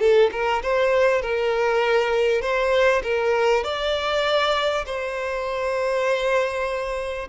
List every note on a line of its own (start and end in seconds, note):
0.00 0.30 A4
0.32 0.63 A#4
0.63 1.22 C5
1.22 2.42 A#4
2.42 3.02 C5
3.03 3.64 A#4
3.64 4.85 D5
4.86 7.28 C5